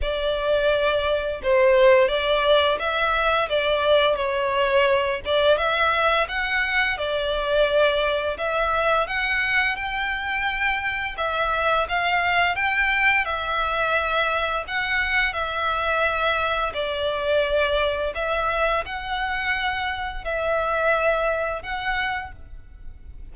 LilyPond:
\new Staff \with { instrumentName = "violin" } { \time 4/4 \tempo 4 = 86 d''2 c''4 d''4 | e''4 d''4 cis''4. d''8 | e''4 fis''4 d''2 | e''4 fis''4 g''2 |
e''4 f''4 g''4 e''4~ | e''4 fis''4 e''2 | d''2 e''4 fis''4~ | fis''4 e''2 fis''4 | }